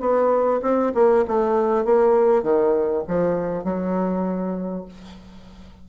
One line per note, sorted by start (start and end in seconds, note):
0.00 0.61 B3
0.62 0.92 C4
0.94 1.25 A#3
1.28 1.85 A3
1.85 2.43 A#3
2.43 3.03 D#3
3.07 3.64 F3
3.64 4.85 F#3